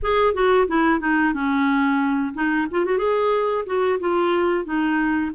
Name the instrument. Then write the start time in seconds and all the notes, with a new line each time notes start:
clarinet
0.02 G#4
0.33 F#4
0.67 E4
1.00 D#4
1.33 C#4
2.34 D#4
2.70 F4
2.85 F#4
2.98 G#4
3.65 F#4
3.99 F4
4.64 D#4